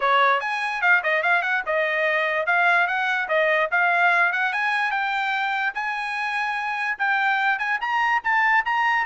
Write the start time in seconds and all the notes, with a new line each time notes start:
0.00 C#5
0.40 G#5
0.81 F5
1.03 D#5
1.22 F5
1.42 F#5
1.66 D#5
2.46 F5
2.87 F#5
3.28 D#5
3.71 F5
4.32 F#5
4.52 G#5
4.91 G5
5.74 G#5
6.98 G5
7.58 G#5
7.80 A#5
8.23 A5
8.65 A#5